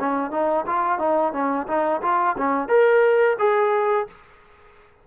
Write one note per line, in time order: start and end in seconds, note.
0.00 0.31 C#4
0.31 0.65 D#4
0.67 0.99 F4
0.99 1.33 D#4
1.33 1.67 C#4
1.68 2.02 D#4
2.02 2.36 F4
2.38 2.69 C#4
2.69 3.37 A#4
3.39 4.08 G#4